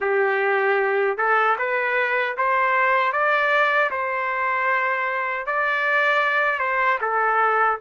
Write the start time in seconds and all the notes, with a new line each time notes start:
0.00 G4
1.17 A4
1.58 B4
2.37 C5
3.12 D5
3.90 C5
5.46 D5
6.59 C5
7.01 A4